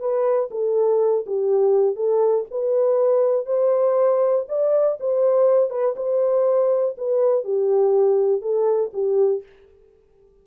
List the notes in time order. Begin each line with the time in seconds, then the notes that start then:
0.00 B4
0.51 A4
1.26 G4
1.96 A4
2.51 B4
3.46 C5
4.48 D5
5.00 C5
5.70 B4
5.97 C5
6.98 B4
7.44 G4
8.42 A4
8.93 G4